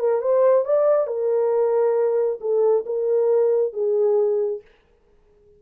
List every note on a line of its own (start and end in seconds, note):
0.00 0.22 A#4
0.22 0.65 C5
0.65 1.07 D5
1.07 2.40 A#4
2.41 2.85 A4
2.86 3.73 A#4
3.73 4.62 G#4